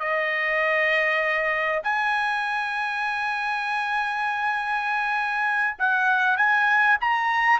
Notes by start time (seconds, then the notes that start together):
0.00 D#5
1.83 G#5
5.79 F#5
6.37 G#5
7.01 A#5